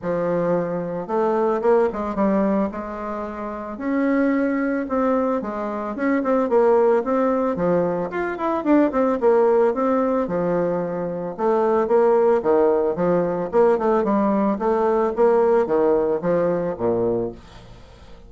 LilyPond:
\new Staff \with { instrumentName = "bassoon" } { \time 4/4 \tempo 4 = 111 f2 a4 ais8 gis8 | g4 gis2 cis'4~ | cis'4 c'4 gis4 cis'8 c'8 | ais4 c'4 f4 f'8 e'8 |
d'8 c'8 ais4 c'4 f4~ | f4 a4 ais4 dis4 | f4 ais8 a8 g4 a4 | ais4 dis4 f4 ais,4 | }